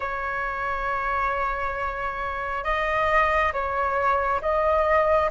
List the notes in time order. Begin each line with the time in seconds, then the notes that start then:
0.00 C#5
2.64 D#5
3.52 C#5
4.41 D#5